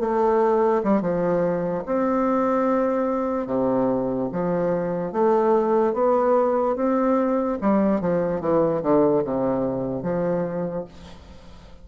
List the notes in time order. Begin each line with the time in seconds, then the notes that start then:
0.00 A3
0.83 G3
1.02 F3
1.86 C4
3.47 C3
4.32 F3
5.12 A3
5.94 B3
6.76 C4
7.61 G3
8.01 F3
8.41 E3
8.82 D3
9.24 C3
10.03 F3